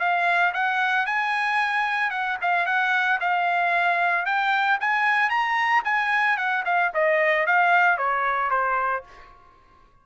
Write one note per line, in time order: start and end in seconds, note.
0.00 0.53 F5
0.54 1.06 F#5
1.06 2.11 G#5
2.11 2.37 F#5
2.42 2.66 F5
2.66 3.20 F#5
3.21 4.26 F5
4.26 4.79 G5
4.81 5.30 G#5
5.30 5.83 A#5
5.85 6.38 G#5
6.38 6.64 F#5
6.66 6.92 F5
6.94 7.47 D#5
7.47 7.98 F5
7.98 8.51 C#5
8.51 9.04 C5